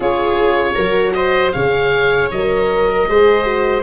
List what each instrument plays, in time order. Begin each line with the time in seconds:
0.00 tuba C#4, horn F4, viola G#4, oboe C#5
0.74 tuba F#3, horn F#4, viola A#4
1.13 viola C5, oboe D#5
1.51 tuba C#3, horn G#4, viola C#5, oboe F5
2.31 tuba F#3, horn A#4, oboe D#5
2.89 viola A#4
3.08 tuba G#3, horn G#4, viola C5
3.43 horn F#4